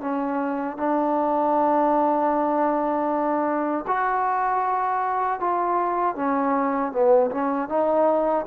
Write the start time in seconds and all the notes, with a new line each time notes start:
0.00 C#4
0.77 D4
3.87 F#4
5.40 F4
6.15 C#4
6.92 B3
7.31 C#4
7.69 D#4